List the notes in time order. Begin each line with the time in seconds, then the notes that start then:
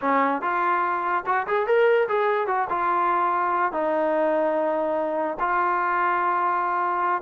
0.01 C#4
0.41 F4
1.26 F#4
1.47 G#4
1.66 A#4
2.08 G#4
2.47 F#4
2.69 F4
3.72 D#4
5.39 F4